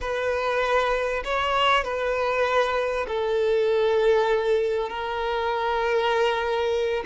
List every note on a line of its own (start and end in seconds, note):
0.01 1.23 B4
1.24 1.83 C#5
1.83 3.06 B4
3.08 4.89 A4
4.89 7.03 A#4